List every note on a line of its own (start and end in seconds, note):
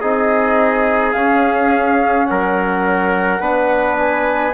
0.00 1.14 C4
0.00 1.15 D#4
0.00 2.27 G#4
0.00 1.13 D#5
1.13 2.27 C#4
1.13 3.40 C#4
1.13 2.26 F5
2.26 3.40 F#3
2.26 3.41 A#4
2.26 3.96 F#5
3.40 4.54 B3
3.40 4.54 D4
3.40 4.54 B4
3.98 4.54 G#5